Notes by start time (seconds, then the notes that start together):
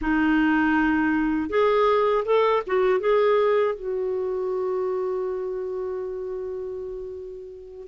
0.01 D#4
1.49 G#4
2.25 A4
2.67 F#4
3.00 G#4
3.75 F#4